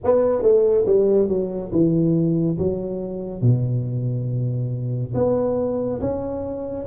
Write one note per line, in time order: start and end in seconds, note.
0.04 0.42 B3
0.42 0.85 A3
0.86 1.28 G3
1.28 1.71 F#3
1.71 2.57 E3
2.58 3.41 F#3
3.41 5.13 B2
5.14 6.00 B3
6.00 6.86 C#4